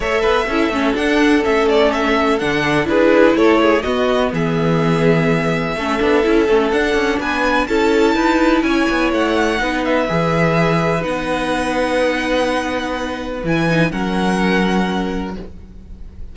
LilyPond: <<
  \new Staff \with { instrumentName = "violin" } { \time 4/4 \tempo 4 = 125 e''2 fis''4 e''8 d''8 | e''4 fis''4 b'4 cis''4 | dis''4 e''2.~ | e''2 fis''4 gis''4 |
a''2 gis''4 fis''4~ | fis''8 e''2~ e''8 fis''4~ | fis''1 | gis''4 fis''2. | }
  \new Staff \with { instrumentName = "violin" } { \time 4/4 cis''8 b'8 a'2.~ | a'2 gis'4 a'8 gis'8 | fis'4 gis'2. | a'2. b'4 |
a'4 b'4 cis''2 | b'1~ | b'1~ | b'4 ais'2. | }
  \new Staff \with { instrumentName = "viola" } { \time 4/4 a'4 e'8 cis'8 d'4 cis'4~ | cis'4 d'4 e'2 | b1 | cis'8 d'8 e'8 cis'8 d'2 |
e'1 | dis'4 gis'2 dis'4~ | dis'1 | e'8 dis'8 cis'2. | }
  \new Staff \with { instrumentName = "cello" } { \time 4/4 a8 b8 cis'8 a8 d'4 a4~ | a4 d4 d'4 a4 | b4 e2. | a8 b8 cis'8 a8 d'8 cis'8 b4 |
cis'4 dis'4 cis'8 b8 a4 | b4 e2 b4~ | b1 | e4 fis2. | }
>>